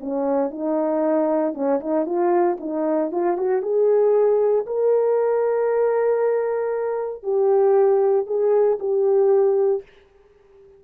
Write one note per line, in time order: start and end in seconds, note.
0.00 0.51 C#4
0.51 1.54 D#4
1.54 1.80 C#4
1.80 2.05 D#4
2.05 2.57 F4
2.60 3.11 D#4
3.11 3.37 F4
3.37 3.62 F#4
3.62 4.65 G#4
4.66 7.23 A#4
7.23 8.26 G4
8.26 8.78 G#4
8.79 9.82 G4